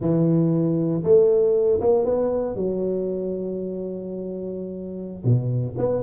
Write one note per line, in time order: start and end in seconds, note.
0.00 1.03 E3
1.03 1.80 A3
1.81 2.05 A#3
2.05 2.55 B3
2.55 5.24 F#3
5.24 5.75 B2
5.77 6.02 B3